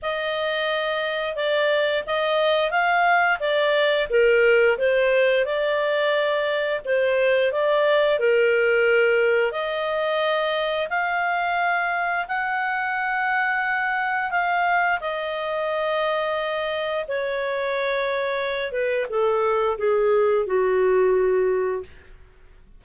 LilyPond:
\new Staff \with { instrumentName = "clarinet" } { \time 4/4 \tempo 4 = 88 dis''2 d''4 dis''4 | f''4 d''4 ais'4 c''4 | d''2 c''4 d''4 | ais'2 dis''2 |
f''2 fis''2~ | fis''4 f''4 dis''2~ | dis''4 cis''2~ cis''8 b'8 | a'4 gis'4 fis'2 | }